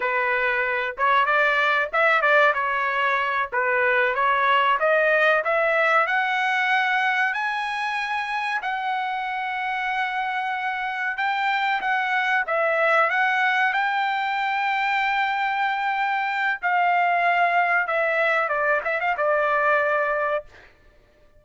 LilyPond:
\new Staff \with { instrumentName = "trumpet" } { \time 4/4 \tempo 4 = 94 b'4. cis''8 d''4 e''8 d''8 | cis''4. b'4 cis''4 dis''8~ | dis''8 e''4 fis''2 gis''8~ | gis''4. fis''2~ fis''8~ |
fis''4. g''4 fis''4 e''8~ | e''8 fis''4 g''2~ g''8~ | g''2 f''2 | e''4 d''8 e''16 f''16 d''2 | }